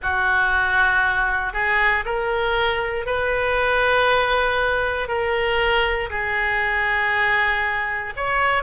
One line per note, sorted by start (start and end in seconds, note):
0.02 1.53 F#4
1.53 2.04 G#4
2.05 3.06 A#4
3.06 5.08 B4
5.08 6.09 A#4
6.10 8.13 G#4
8.16 8.63 C#5